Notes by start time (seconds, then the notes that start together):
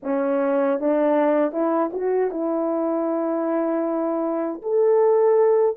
0.02 C#4
0.80 D4
1.52 E4
1.92 F#4
2.30 E4
4.62 A4